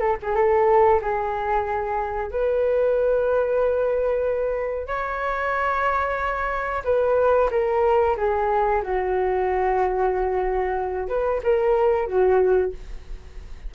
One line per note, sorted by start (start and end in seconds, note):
0.00 0.16 A4
0.22 0.35 G#4
0.35 1.00 A4
1.01 2.31 G#4
2.31 4.87 B4
4.87 6.83 C#5
6.84 7.50 B4
7.51 8.16 A#4
8.17 8.82 G#4
8.83 11.08 F#4
11.08 11.41 B4
11.43 12.07 A#4
12.07 12.72 F#4